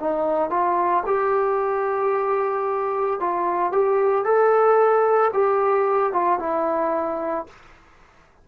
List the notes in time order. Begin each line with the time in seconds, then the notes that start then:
0.00 D#4
0.50 F4
1.06 G4
3.20 F4
3.72 G4
4.24 A4
5.33 G4
6.13 F4
6.39 E4